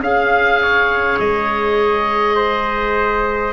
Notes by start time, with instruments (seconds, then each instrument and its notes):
0.00 tuba C#4, clarinet G#4, trumpet F5, oboe F5
0.62 trumpet C#5
1.19 tuba G#3, oboe D#5
2.36 trumpet C5